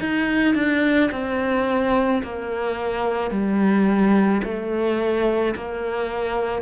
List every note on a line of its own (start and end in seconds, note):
0.00 0.55 D#4
0.55 1.10 D4
1.12 2.23 C4
2.23 3.31 A#3
3.31 4.42 G3
4.44 5.55 A3
5.56 6.62 A#3